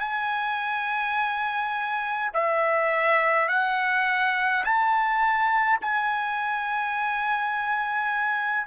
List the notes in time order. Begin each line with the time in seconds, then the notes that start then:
0.00 G#5
2.34 E5
3.49 F#5
4.65 A5
5.82 G#5